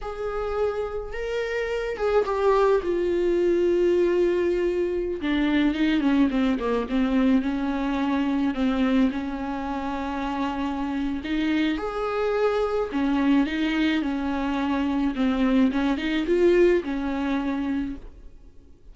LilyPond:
\new Staff \with { instrumentName = "viola" } { \time 4/4 \tempo 4 = 107 gis'2 ais'4. gis'8 | g'4 f'2.~ | f'4~ f'16 d'4 dis'8 cis'8 c'8 ais16~ | ais16 c'4 cis'2 c'8.~ |
c'16 cis'2.~ cis'8. | dis'4 gis'2 cis'4 | dis'4 cis'2 c'4 | cis'8 dis'8 f'4 cis'2 | }